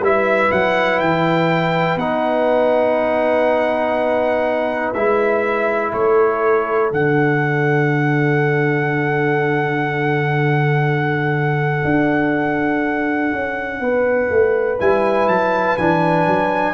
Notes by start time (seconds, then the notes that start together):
0.00 G3 E4 B4 E5
0.52 F#3 F#5
1.00 E3 G5
1.96 B3 D#4 F#5
4.93 G#3 E4 E5
5.93 A3 A4 C#5
6.91 D3 D4 F#5
11.84 D4
13.32 C#4
13.80 B3 B4
14.30 A3
14.80 G3 E4 G#5
15.28 F#3 A5
15.77 E3 D4 G#5
16.26 F#3